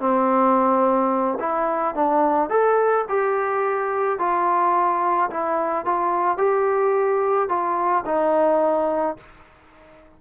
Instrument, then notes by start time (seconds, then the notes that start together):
trombone
0.00 C4
1.40 E4
1.95 D4
2.50 A4
3.09 G4
4.19 F4
5.31 E4
5.86 F4
6.38 G4
7.49 F4
8.06 D#4